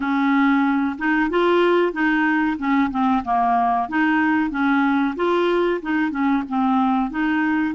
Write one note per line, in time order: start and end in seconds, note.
0.00 0.96 C#4
0.98 1.29 D#4
1.29 1.92 F4
1.92 2.57 D#4
2.58 2.90 C#4
2.90 3.23 C4
3.24 3.89 A#3
3.89 4.50 D#4
4.50 5.14 C#4
5.16 5.80 F4
5.82 6.10 D#4
6.10 6.43 C#4
6.48 7.10 C4
7.10 7.74 D#4